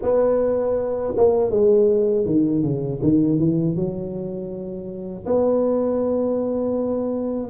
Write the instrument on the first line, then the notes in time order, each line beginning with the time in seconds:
tuba
0.01 B3
1.17 A#3
1.50 G#3
2.25 D#3
2.62 C#3
3.02 D#3
3.39 E3
3.75 F#3
5.25 B3